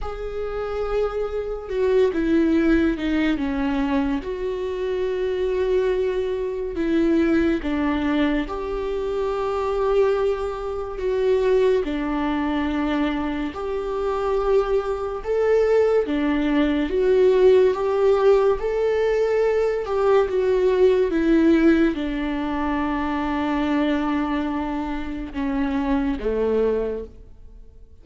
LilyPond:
\new Staff \with { instrumentName = "viola" } { \time 4/4 \tempo 4 = 71 gis'2 fis'8 e'4 dis'8 | cis'4 fis'2. | e'4 d'4 g'2~ | g'4 fis'4 d'2 |
g'2 a'4 d'4 | fis'4 g'4 a'4. g'8 | fis'4 e'4 d'2~ | d'2 cis'4 a4 | }